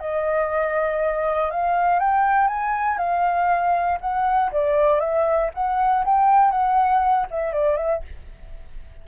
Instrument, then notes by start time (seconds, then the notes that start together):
flute
0.00 D#5
1.51 F5
2.00 G5
2.48 G#5
2.98 F5
4.01 F#5
4.52 D5
5.00 E5
5.54 F#5
6.05 G5
6.51 F#5
7.31 E5
7.53 D5
7.77 E5